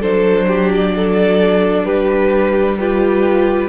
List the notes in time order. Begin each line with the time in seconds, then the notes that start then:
0.00 F#3 D4 A4 C5
0.47 G4
0.75 D5
0.96 A4
1.84 G3 G4 B4
2.78 F4 G4 B4